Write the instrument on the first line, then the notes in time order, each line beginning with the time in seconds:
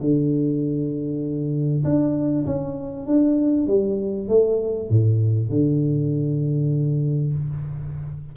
tuba
0.00 D3
1.84 D4
2.45 C#4
3.06 D4
3.67 G3
4.28 A3
4.90 A2
5.49 D3